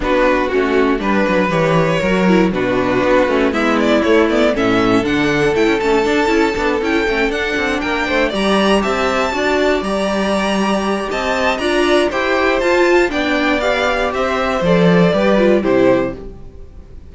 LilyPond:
<<
  \new Staff \with { instrumentName = "violin" } { \time 4/4 \tempo 4 = 119 b'4 fis'4 b'4 cis''4~ | cis''4 b'2 e''8 d''8 | cis''8 d''8 e''4 fis''4 g''8 a''8~ | a''4. g''4 fis''4 g''8~ |
g''8 ais''4 a''2 ais''8~ | ais''2 a''4 ais''4 | g''4 a''4 g''4 f''4 | e''4 d''2 c''4 | }
  \new Staff \with { instrumentName = "violin" } { \time 4/4 fis'2 b'2 | ais'4 fis'2 e'4~ | e'4 a'2.~ | a'2.~ a'8 ais'8 |
c''8 d''4 e''4 d''4.~ | d''2 dis''4 d''4 | c''2 d''2 | c''2 b'4 g'4 | }
  \new Staff \with { instrumentName = "viola" } { \time 4/4 d'4 cis'4 d'4 g'4 | fis'8 e'8 d'4. cis'8 b4 | a8 b8 cis'4 d'4 e'8 cis'8 | d'8 e'8 d'8 e'8 cis'8 d'4.~ |
d'8 g'2 fis'4 g'8~ | g'2. f'4 | g'4 f'4 d'4 g'4~ | g'4 a'4 g'8 f'8 e'4 | }
  \new Staff \with { instrumentName = "cello" } { \time 4/4 b4 a4 g8 fis8 e4 | fis4 b,4 b8 a8 gis4 | a4 a,4 d4 a16 cis'16 a8 | d'8 cis'8 b8 cis'8 a8 d'8 c'8 ais8 |
a8 g4 c'4 d'4 g8~ | g2 c'4 d'4 | e'4 f'4 b2 | c'4 f4 g4 c4 | }
>>